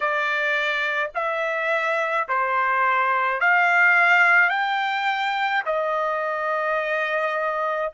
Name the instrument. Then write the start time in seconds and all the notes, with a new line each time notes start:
trumpet
0.00 D5
1.14 E5
2.28 C5
3.40 F5
4.49 G5
5.66 D#5